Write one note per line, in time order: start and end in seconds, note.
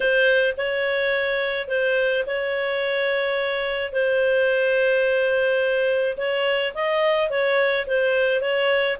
0.00 0.54 C5
0.57 1.68 C#5
1.68 2.24 C5
2.26 3.92 C#5
3.92 6.16 C5
6.17 6.73 C#5
6.74 7.30 D#5
7.30 7.86 C#5
7.86 8.41 C5
8.41 8.97 C#5